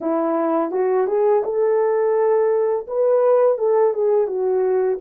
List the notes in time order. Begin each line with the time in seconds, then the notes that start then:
0.00 E4
0.71 F#4
1.07 G#4
1.44 A4
2.87 B4
3.57 A4
3.93 G#4
4.27 F#4